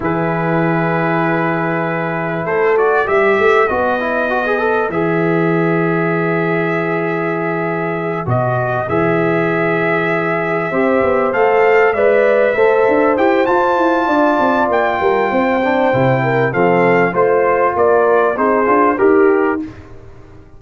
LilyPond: <<
  \new Staff \with { instrumentName = "trumpet" } { \time 4/4 \tempo 4 = 98 b'1 | c''8 d''8 e''4 dis''2 | e''1~ | e''4. dis''4 e''4.~ |
e''2~ e''8 f''4 e''8~ | e''4. g''8 a''2 | g''2. f''4 | c''4 d''4 c''4 ais'4 | }
  \new Staff \with { instrumentName = "horn" } { \time 4/4 gis'1 | a'4 b'2.~ | b'1~ | b'1~ |
b'4. c''2 d''8~ | d''8 c''2~ c''8 d''4~ | d''8 ais'8 c''4. ais'8 a'4 | c''4 ais'4 gis'4 g'4 | }
  \new Staff \with { instrumentName = "trombone" } { \time 4/4 e'1~ | e'8 fis'8 g'4 fis'8 e'8 fis'16 gis'16 a'8 | gis'1~ | gis'4. fis'4 gis'4.~ |
gis'4. g'4 a'4 b'8~ | b'8 a'4 g'8 f'2~ | f'4. d'8 e'4 c'4 | f'2 dis'8 f'8 g'4 | }
  \new Staff \with { instrumentName = "tuba" } { \time 4/4 e1 | a4 g8 a8 b2 | e1~ | e4. b,4 e4.~ |
e4. c'8 b8 a4 gis8~ | gis8 a8 d'8 e'8 f'8 e'8 d'8 c'8 | ais8 g8 c'4 c4 f4 | a4 ais4 c'8 d'8 dis'4 | }
>>